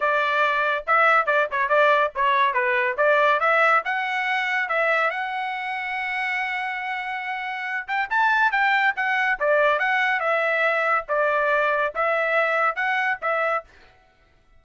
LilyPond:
\new Staff \with { instrumentName = "trumpet" } { \time 4/4 \tempo 4 = 141 d''2 e''4 d''8 cis''8 | d''4 cis''4 b'4 d''4 | e''4 fis''2 e''4 | fis''1~ |
fis''2~ fis''8 g''8 a''4 | g''4 fis''4 d''4 fis''4 | e''2 d''2 | e''2 fis''4 e''4 | }